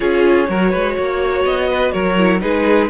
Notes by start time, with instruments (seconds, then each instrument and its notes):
0.00 cello C#4, viola F4, violin G#4 C#5
0.47 cello F#3, viola F#4, violin A#4
0.70 cello G#3, violin B4
0.97 cello A#3, violin C#5
1.44 cello B3, violin D#5
1.69 violin B4
1.92 cello F#3, violin A#4 C#5
2.17 viola E4
2.40 cello G#3, viola D#4, violin G#4 B4